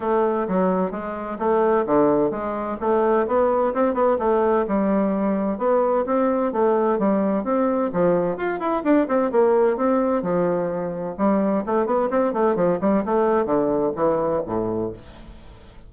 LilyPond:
\new Staff \with { instrumentName = "bassoon" } { \time 4/4 \tempo 4 = 129 a4 fis4 gis4 a4 | d4 gis4 a4 b4 | c'8 b8 a4 g2 | b4 c'4 a4 g4 |
c'4 f4 f'8 e'8 d'8 c'8 | ais4 c'4 f2 | g4 a8 b8 c'8 a8 f8 g8 | a4 d4 e4 a,4 | }